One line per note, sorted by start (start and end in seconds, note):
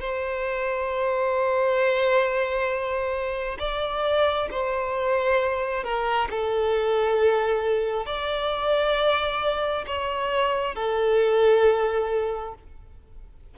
0.00 3.58 C5
3.59 4.49 D5
4.51 5.84 C5
5.84 6.28 A#4
6.31 8.06 A4
8.06 9.85 D5
9.87 10.75 C#5
10.75 12.55 A4